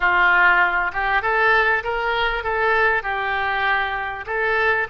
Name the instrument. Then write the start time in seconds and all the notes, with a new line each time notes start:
oboe
0.00 F4
0.92 G4
1.22 A4
1.83 A#4
2.43 A4
3.03 G4
4.26 A4